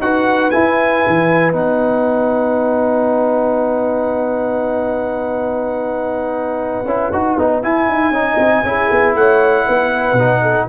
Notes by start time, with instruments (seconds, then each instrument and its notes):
0.00 tuba D#4, trombone F#4, horn B4, trumpet F#5
0.51 trombone E4, tuba E4, trumpet G#5
1.06 tuba E3
1.52 tuba B3, trombone D#4, trumpet F#5
6.85 tuba C#4, trombone E4
7.12 tuba D#4, trombone F#4
7.38 tuba B3, trombone D#4
7.63 trombone E4, tuba E4, trumpet G#5
7.89 tuba D#4
8.11 tuba C#4, trombone D#4, horn D#5
8.38 tuba C4
8.64 tuba C#4, trombone E4, horn G#4
8.90 tuba B3
9.15 tuba A3, horn C#5, trumpet F#5
9.67 tuba B3, horn B4
10.13 tuba B2
10.19 trombone D#4
10.42 horn A4